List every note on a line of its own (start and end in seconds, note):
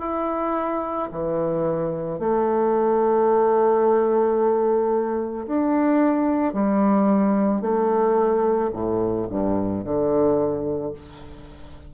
0.00 1.09 E4
1.11 2.19 E3
2.19 5.46 A3
5.47 6.54 D4
6.54 7.61 G3
7.61 8.70 A3
8.73 9.27 A2
9.30 9.84 G2
9.84 10.93 D3